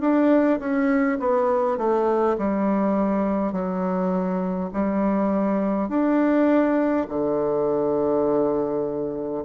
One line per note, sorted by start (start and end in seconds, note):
0.00 0.59 D4
0.59 1.18 C#4
1.19 1.77 B3
1.77 2.36 A3
2.37 3.52 G3
3.52 4.70 F#3
4.73 5.88 G3
5.88 7.06 D4
7.09 9.44 D3